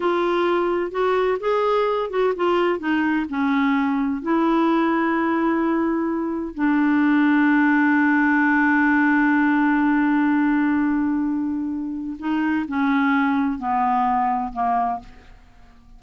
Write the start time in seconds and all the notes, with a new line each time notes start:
0.00 F4
0.91 F#4
1.40 G#4
2.10 F#4
2.35 F4
2.79 D#4
3.29 C#4
4.21 E4
6.54 D4
12.19 D#4
12.68 C#4
13.58 B3
14.52 A#3